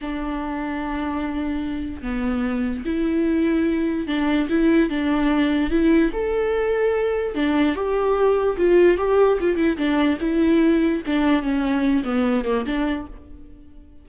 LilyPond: \new Staff \with { instrumentName = "viola" } { \time 4/4 \tempo 4 = 147 d'1~ | d'4 b2 e'4~ | e'2 d'4 e'4 | d'2 e'4 a'4~ |
a'2 d'4 g'4~ | g'4 f'4 g'4 f'8 e'8 | d'4 e'2 d'4 | cis'4. b4 ais8 d'4 | }